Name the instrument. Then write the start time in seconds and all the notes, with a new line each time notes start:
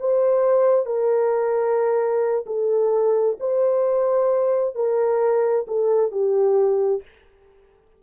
horn
0.00 C5
0.86 A#4
2.46 A4
3.40 C5
4.75 A#4
5.68 A4
6.12 G4